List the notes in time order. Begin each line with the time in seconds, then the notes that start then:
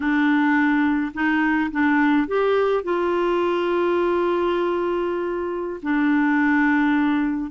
0.00 D4
1.13 D#4
1.71 D4
2.27 G4
2.83 F4
5.82 D4